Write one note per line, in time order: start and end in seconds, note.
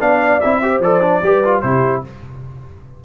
0.00 0.41 B3
0.00 0.41 D4
0.00 0.62 D5
0.00 0.40 F5
0.40 0.79 C4
0.40 0.62 E4
0.40 0.81 E5
0.62 0.82 G4
0.62 1.24 C5
0.79 1.20 F3
0.79 1.01 A4
0.79 1.61 D5
1.01 1.21 D4
1.22 1.63 G3
1.22 1.44 G4
1.22 1.64 B4
1.44 1.63 F4
1.61 2.04 C3
1.61 2.04 E4
1.61 2.04 G4
1.61 2.01 C5